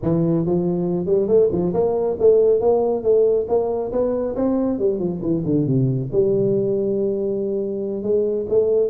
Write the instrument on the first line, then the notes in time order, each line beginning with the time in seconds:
tuba
0.02 E3
0.45 F3
1.06 G3
1.27 A3
1.51 F3
1.73 A#3
2.19 A3
2.60 A#3
3.03 A3
3.48 A#3
3.92 B3
4.35 C4
4.78 G3
4.99 F3
5.22 E3
5.45 D3
5.66 C3
6.12 G3
8.02 G#3
8.49 A3